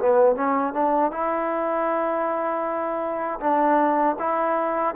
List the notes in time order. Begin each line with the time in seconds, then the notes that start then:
0.00 B3
0.37 C#4
0.74 D4
1.12 E4
3.41 D4
4.19 E4